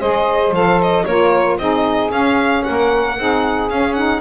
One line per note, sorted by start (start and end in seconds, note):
0.00 0.52 G#3
0.00 0.54 G#4
0.00 1.05 C5
0.00 0.54 D#5
0.52 1.04 F3
0.52 1.07 A4
0.52 0.82 F5
0.82 1.05 D#5
1.05 1.58 A#3
1.05 1.60 F4
1.05 1.60 A#4
1.05 1.58 C#5
1.58 2.11 C4
1.58 2.11 D#4
1.58 2.65 G#4
1.58 2.12 D#5
2.11 3.16 C#4
2.11 2.65 C#4
2.11 2.64 F5
2.64 3.19 A#3
2.64 3.19 A#4
2.64 3.69 F#5
3.19 3.71 C4
3.19 3.71 D#4
3.19 4.21 G#4
3.70 4.21 C#4
3.70 3.97 C#4
3.70 3.94 F5
3.94 4.21 D#4
3.94 4.21 F#5